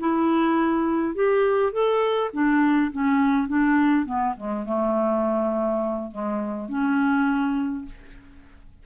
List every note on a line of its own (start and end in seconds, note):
0.00 1.15 E4
1.15 1.73 G4
1.73 2.31 A4
2.34 2.92 D4
2.92 3.48 C#4
3.48 4.06 D4
4.06 4.35 B3
4.37 4.66 G#3
4.66 6.11 A3
6.11 6.69 G#3
6.69 7.86 C#4